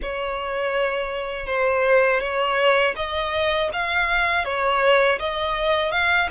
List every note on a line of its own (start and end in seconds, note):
0.02 1.46 C#5
1.46 2.20 C5
2.20 2.94 C#5
2.96 3.70 D#5
3.72 4.44 F5
4.44 5.19 C#5
5.19 5.91 D#5
5.91 6.28 F5